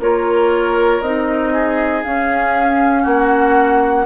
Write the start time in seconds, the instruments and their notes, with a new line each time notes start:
0.00 bassoon A#3, clarinet F4, oboe A#4, flute C#5
1.01 bassoon C4, clarinet D#4, flute D#5
1.53 oboe G#4
2.04 clarinet C#4, bassoon C#4, flute F5
3.03 bassoon A#3, oboe F#4, flute F#5